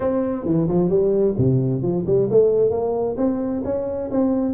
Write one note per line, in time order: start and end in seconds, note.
0.00 0.45 C4
0.45 0.67 E3
0.68 0.89 F3
0.89 1.35 G3
1.37 1.82 C3
1.82 2.05 F3
2.06 2.29 G3
2.30 2.70 A3
2.70 3.15 A#3
3.17 3.62 C4
3.64 4.10 C#4
4.11 4.54 C4